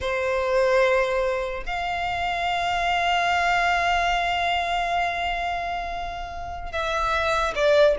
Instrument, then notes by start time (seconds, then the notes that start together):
violin
0.00 C5
1.65 F5
6.72 E5
7.55 D5